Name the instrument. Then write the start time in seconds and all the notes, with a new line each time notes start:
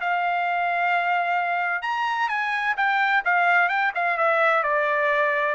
trumpet
0.00 F5
1.82 A#5
2.29 G#5
2.76 G5
3.25 F5
3.69 G5
3.95 F5
4.17 E5
4.63 D5